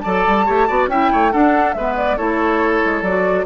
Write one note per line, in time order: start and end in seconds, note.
0.00 0.26 F#3
0.00 0.46 A4
0.00 0.46 D5
0.00 0.86 A5
0.26 0.48 G3
0.46 0.69 A3
0.46 0.68 G4
0.46 0.67 C#5
0.67 0.87 B3
0.67 0.89 F#4
0.67 0.88 D5
0.87 1.09 C#4
0.87 1.31 E4
0.87 1.12 E5
0.87 1.32 G5
1.12 1.33 A3
1.12 1.32 C#5
1.31 1.74 D4
1.31 1.74 A4
1.31 1.73 F#5
1.73 2.17 G#3
1.73 2.17 B3
1.73 2.17 B4
1.73 1.94 E5
1.96 2.17 D5
2.17 2.83 A3
2.17 3.03 E4
2.17 3.45 A4
2.17 3.02 C#5
2.84 3.02 G#3
3.02 3.44 F#3
3.02 3.46 F#4
3.02 3.45 D5